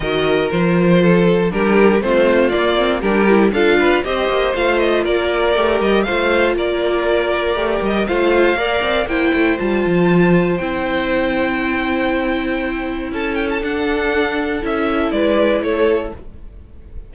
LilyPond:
<<
  \new Staff \with { instrumentName = "violin" } { \time 4/4 \tempo 4 = 119 dis''4 c''2 ais'4 | c''4 d''4 ais'4 f''4 | dis''4 f''8 dis''8 d''4. dis''8 | f''4 d''2~ d''8 dis''8 |
f''2 g''4 a''4~ | a''4 g''2.~ | g''2 a''8 g''16 a''16 fis''4~ | fis''4 e''4 d''4 cis''4 | }
  \new Staff \with { instrumentName = "violin" } { \time 4/4 ais'2 a'4 g'4 | f'2 g'4 a'8 b'8 | c''2 ais'2 | c''4 ais'2. |
c''4 d''4 c''2~ | c''1~ | c''2 a'2~ | a'2 b'4 a'4 | }
  \new Staff \with { instrumentName = "viola" } { \time 4/4 fis'4 f'2 d'4 | c'4 ais8 c'8 d'8 e'8 f'4 | g'4 f'2 g'4 | f'2. g'4 |
f'4 ais'4 e'4 f'4~ | f'4 e'2.~ | e'2. d'4~ | d'4 e'2. | }
  \new Staff \with { instrumentName = "cello" } { \time 4/4 dis4 f2 g4 | a4 ais4 g4 d'4 | c'8 ais8 a4 ais4 a8 g8 | a4 ais2 a8 g8 |
a4 ais8 c'8 ais8 a8 g8 f8~ | f4 c'2.~ | c'2 cis'4 d'4~ | d'4 cis'4 gis4 a4 | }
>>